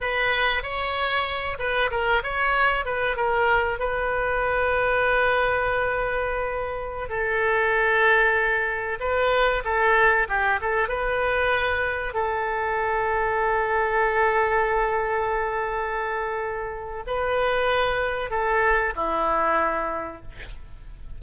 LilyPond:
\new Staff \with { instrumentName = "oboe" } { \time 4/4 \tempo 4 = 95 b'4 cis''4. b'8 ais'8 cis''8~ | cis''8 b'8 ais'4 b'2~ | b'2.~ b'16 a'8.~ | a'2~ a'16 b'4 a'8.~ |
a'16 g'8 a'8 b'2 a'8.~ | a'1~ | a'2. b'4~ | b'4 a'4 e'2 | }